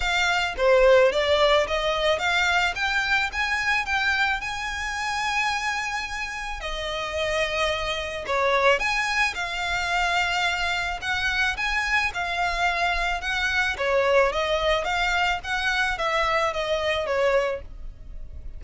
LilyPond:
\new Staff \with { instrumentName = "violin" } { \time 4/4 \tempo 4 = 109 f''4 c''4 d''4 dis''4 | f''4 g''4 gis''4 g''4 | gis''1 | dis''2. cis''4 |
gis''4 f''2. | fis''4 gis''4 f''2 | fis''4 cis''4 dis''4 f''4 | fis''4 e''4 dis''4 cis''4 | }